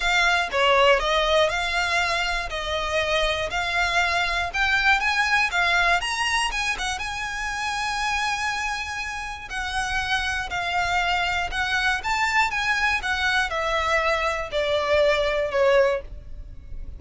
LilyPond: \new Staff \with { instrumentName = "violin" } { \time 4/4 \tempo 4 = 120 f''4 cis''4 dis''4 f''4~ | f''4 dis''2 f''4~ | f''4 g''4 gis''4 f''4 | ais''4 gis''8 fis''8 gis''2~ |
gis''2. fis''4~ | fis''4 f''2 fis''4 | a''4 gis''4 fis''4 e''4~ | e''4 d''2 cis''4 | }